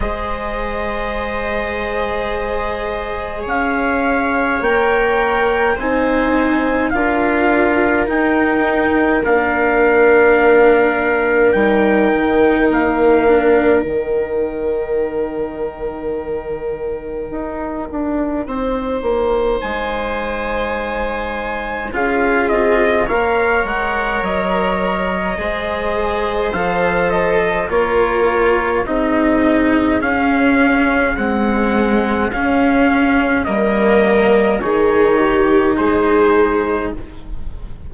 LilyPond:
<<
  \new Staff \with { instrumentName = "trumpet" } { \time 4/4 \tempo 4 = 52 dis''2. f''4 | g''4 gis''4 f''4 g''4 | f''2 g''4 f''4 | g''1~ |
g''4 gis''2 f''8 dis''8 | f''8 fis''8 dis''2 f''8 dis''8 | cis''4 dis''4 f''4 fis''4 | f''4 dis''4 cis''4 c''4 | }
  \new Staff \with { instrumentName = "viola" } { \time 4/4 c''2. cis''4~ | cis''4 c''4 ais'2~ | ais'1~ | ais'1 |
c''2. gis'4 | cis''2 c''2 | ais'4 gis'2.~ | gis'4 ais'4 gis'8 g'8 gis'4 | }
  \new Staff \with { instrumentName = "cello" } { \time 4/4 gis'1 | ais'4 dis'4 f'4 dis'4 | d'2 dis'4. d'8 | dis'1~ |
dis'2. f'4 | ais'2 gis'4 a'4 | f'4 dis'4 cis'4 gis4 | cis'4 ais4 dis'2 | }
  \new Staff \with { instrumentName = "bassoon" } { \time 4/4 gis2. cis'4 | ais4 c'4 d'4 dis'4 | ais2 g8 dis8 ais4 | dis2. dis'8 d'8 |
c'8 ais8 gis2 cis'8 c'8 | ais8 gis8 fis4 gis4 f4 | ais4 c'4 cis'4 c'4 | cis'4 g4 dis4 gis4 | }
>>